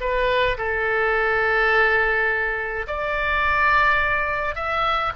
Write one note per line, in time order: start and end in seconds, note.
0.00 0.57 B4
0.57 2.86 A4
2.87 4.55 D5
4.55 5.12 E5